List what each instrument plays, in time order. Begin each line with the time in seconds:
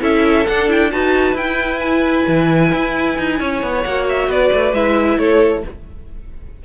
0.00 cello C#4, viola E4, violin A4 E5
0.46 cello D4, viola D4, violin F#5
0.68 viola E4, violin G5
0.91 cello D#4, viola F#4, violin B4 A5
1.33 cello E4, viola E4, violin G5
1.79 violin G#5
2.27 cello E3
2.73 cello E4
3.18 cello D#4
3.40 cello C#4, violin C#5
3.62 cello B3
3.82 cello A#3, viola F#4, violin F#5
4.09 violin E5
4.28 cello B3, violin B4 D5
4.53 cello A3
4.72 cello G#3, viola E4, violin E5
5.18 cello A3, violin A4 C#5